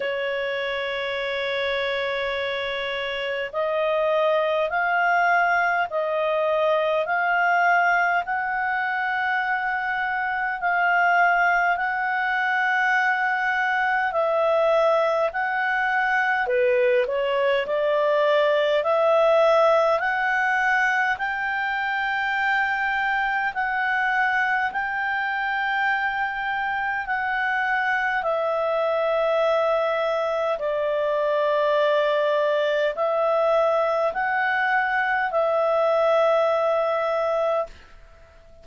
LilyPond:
\new Staff \with { instrumentName = "clarinet" } { \time 4/4 \tempo 4 = 51 cis''2. dis''4 | f''4 dis''4 f''4 fis''4~ | fis''4 f''4 fis''2 | e''4 fis''4 b'8 cis''8 d''4 |
e''4 fis''4 g''2 | fis''4 g''2 fis''4 | e''2 d''2 | e''4 fis''4 e''2 | }